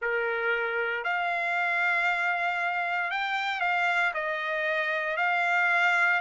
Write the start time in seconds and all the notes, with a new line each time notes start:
0.01 A#4
1.03 F5
3.10 G5
3.60 F5
4.14 D#5
5.16 F5